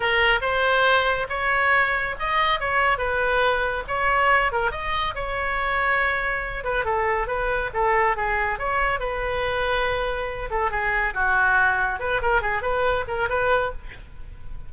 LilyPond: \new Staff \with { instrumentName = "oboe" } { \time 4/4 \tempo 4 = 140 ais'4 c''2 cis''4~ | cis''4 dis''4 cis''4 b'4~ | b'4 cis''4. ais'8 dis''4 | cis''2.~ cis''8 b'8 |
a'4 b'4 a'4 gis'4 | cis''4 b'2.~ | b'8 a'8 gis'4 fis'2 | b'8 ais'8 gis'8 b'4 ais'8 b'4 | }